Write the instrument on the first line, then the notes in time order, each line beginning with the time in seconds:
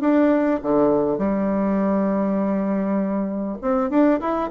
bassoon
0.00 D4
0.62 D3
1.18 G3
3.61 C4
3.90 D4
4.20 E4